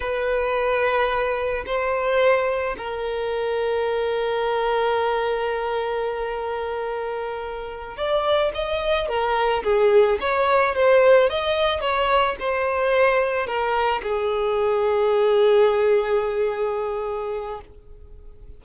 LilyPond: \new Staff \with { instrumentName = "violin" } { \time 4/4 \tempo 4 = 109 b'2. c''4~ | c''4 ais'2.~ | ais'1~ | ais'2~ ais'8 d''4 dis''8~ |
dis''8 ais'4 gis'4 cis''4 c''8~ | c''8 dis''4 cis''4 c''4.~ | c''8 ais'4 gis'2~ gis'8~ | gis'1 | }